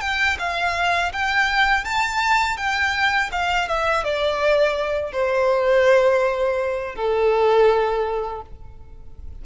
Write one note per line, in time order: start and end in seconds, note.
0.00 0.37 G5
0.39 1.12 F5
1.12 1.84 G5
1.84 2.57 A5
2.57 3.30 G5
3.31 3.68 F5
3.68 4.03 E5
4.03 5.12 D5
5.12 6.95 C5
6.95 8.41 A4